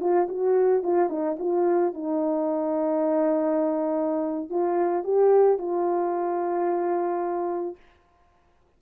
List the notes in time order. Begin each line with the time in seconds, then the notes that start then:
0.00 F4
0.28 F#4
0.83 F4
1.09 D#4
1.39 F4
1.93 D#4
4.50 F4
5.03 G4
5.58 F4